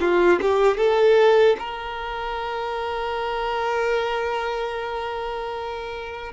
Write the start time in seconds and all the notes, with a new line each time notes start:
0.00 F4
0.41 G4
0.77 A4
1.59 A#4